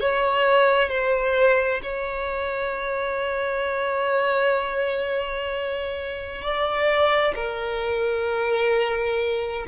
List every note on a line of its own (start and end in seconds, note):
0.00 0.89 C#5
0.89 1.81 C5
1.82 6.42 C#5
6.42 7.34 D5
7.35 9.66 A#4